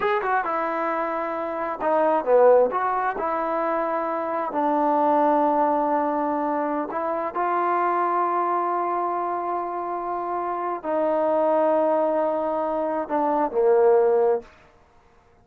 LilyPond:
\new Staff \with { instrumentName = "trombone" } { \time 4/4 \tempo 4 = 133 gis'8 fis'8 e'2. | dis'4 b4 fis'4 e'4~ | e'2 d'2~ | d'2.~ d'16 e'8.~ |
e'16 f'2.~ f'8.~ | f'1 | dis'1~ | dis'4 d'4 ais2 | }